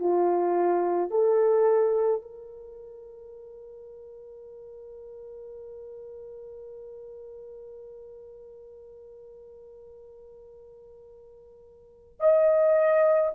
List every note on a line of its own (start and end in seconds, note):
0.00 1.11 F4
1.11 2.22 A4
2.22 12.20 A#4
12.20 13.31 D#5